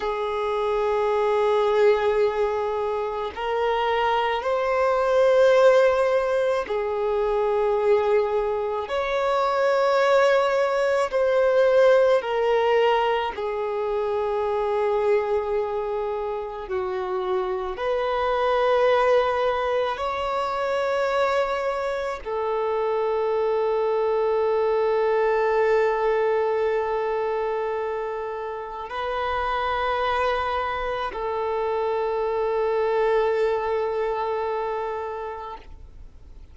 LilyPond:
\new Staff \with { instrumentName = "violin" } { \time 4/4 \tempo 4 = 54 gis'2. ais'4 | c''2 gis'2 | cis''2 c''4 ais'4 | gis'2. fis'4 |
b'2 cis''2 | a'1~ | a'2 b'2 | a'1 | }